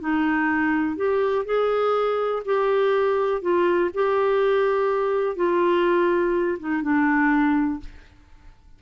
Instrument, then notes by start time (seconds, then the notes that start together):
clarinet
0.00 D#4
0.96 G4
1.45 G#4
2.45 G4
3.41 F4
3.94 G4
5.36 F4
6.59 D#4
6.82 D4